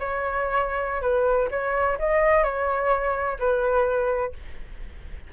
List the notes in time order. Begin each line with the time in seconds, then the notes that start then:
0.00 C#5
1.02 B4
1.51 C#5
1.99 D#5
2.44 C#5
3.40 B4